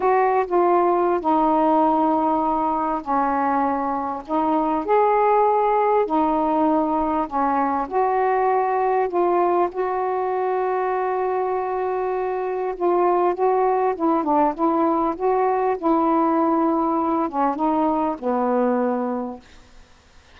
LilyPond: \new Staff \with { instrumentName = "saxophone" } { \time 4/4 \tempo 4 = 99 fis'8. f'4~ f'16 dis'2~ | dis'4 cis'2 dis'4 | gis'2 dis'2 | cis'4 fis'2 f'4 |
fis'1~ | fis'4 f'4 fis'4 e'8 d'8 | e'4 fis'4 e'2~ | e'8 cis'8 dis'4 b2 | }